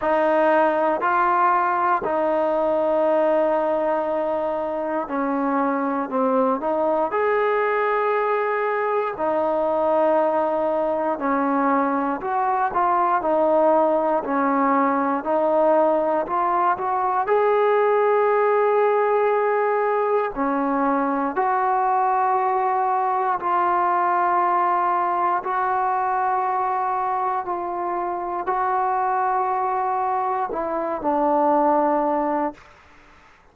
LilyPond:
\new Staff \with { instrumentName = "trombone" } { \time 4/4 \tempo 4 = 59 dis'4 f'4 dis'2~ | dis'4 cis'4 c'8 dis'8 gis'4~ | gis'4 dis'2 cis'4 | fis'8 f'8 dis'4 cis'4 dis'4 |
f'8 fis'8 gis'2. | cis'4 fis'2 f'4~ | f'4 fis'2 f'4 | fis'2 e'8 d'4. | }